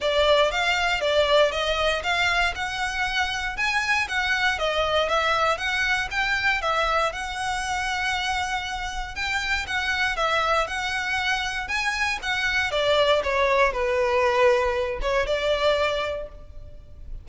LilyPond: \new Staff \with { instrumentName = "violin" } { \time 4/4 \tempo 4 = 118 d''4 f''4 d''4 dis''4 | f''4 fis''2 gis''4 | fis''4 dis''4 e''4 fis''4 | g''4 e''4 fis''2~ |
fis''2 g''4 fis''4 | e''4 fis''2 gis''4 | fis''4 d''4 cis''4 b'4~ | b'4. cis''8 d''2 | }